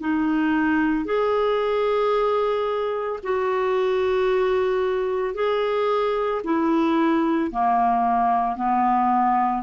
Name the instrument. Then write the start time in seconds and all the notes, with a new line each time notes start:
clarinet
0.00 D#4
1.05 G#4
3.23 F#4
5.34 G#4
6.43 E4
7.51 A#3
8.56 B3